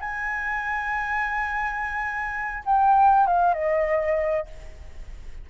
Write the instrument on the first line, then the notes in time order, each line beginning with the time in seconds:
flute
0.00 G#5
2.65 G5
3.26 F5
3.53 D#5